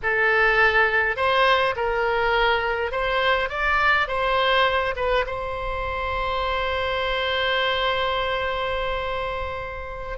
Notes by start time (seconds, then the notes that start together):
0.02 A4
1.16 C5
1.76 A#4
2.91 C5
3.49 D5
4.07 C5
4.96 B4
5.26 C5